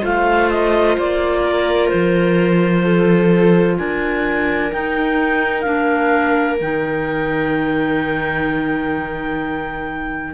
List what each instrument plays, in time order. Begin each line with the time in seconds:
0.00 cello A3, clarinet F4 F5, viola C5
0.50 clarinet D#5
0.98 cello A#3, clarinet D5
1.44 viola A#4
1.88 cello F3, clarinet C5
2.83 viola A4
3.78 cello D4, viola A#4, clarinet G#5
4.72 clarinet D#4 G5, cello D#4
5.61 cello A#3, clarinet D4 F5
6.61 cello D#3, clarinet D#4 G5